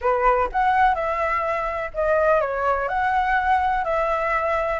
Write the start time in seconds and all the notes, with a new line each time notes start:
0.01 B4
0.51 F#5
0.94 E5
1.94 D#5
2.40 C#5
2.88 F#5
3.84 E5